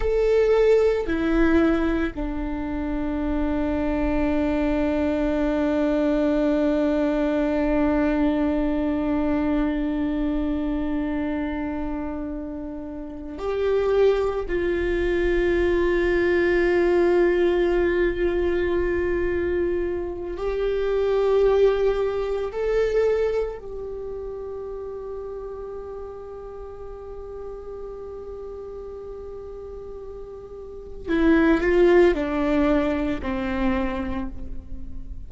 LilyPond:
\new Staff \with { instrumentName = "viola" } { \time 4/4 \tempo 4 = 56 a'4 e'4 d'2~ | d'1~ | d'1~ | d'8 g'4 f'2~ f'8~ |
f'2. g'4~ | g'4 a'4 g'2~ | g'1~ | g'4 e'8 f'8 d'4 c'4 | }